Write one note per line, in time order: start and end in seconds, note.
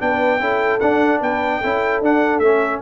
0.00 0.40 B3
0.00 0.40 D4
0.00 0.41 B4
0.00 0.80 G5
0.40 0.80 C#4
0.40 0.81 E4
0.40 1.21 A4
0.80 1.22 D4
0.80 1.63 D4
0.80 1.21 F#5
1.21 1.62 B3
1.21 1.59 B4
1.21 2.03 G5
1.59 2.02 C#4
1.59 2.04 E4
1.59 2.80 A4
2.02 2.40 D4
2.02 2.43 D4
2.02 2.40 F#5
2.40 2.80 A3
2.40 2.82 C#4
2.40 2.80 E5